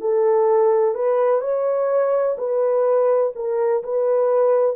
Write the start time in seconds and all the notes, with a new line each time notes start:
0.00 A4
0.94 B4
1.41 C#5
2.38 B4
3.35 A#4
3.84 B4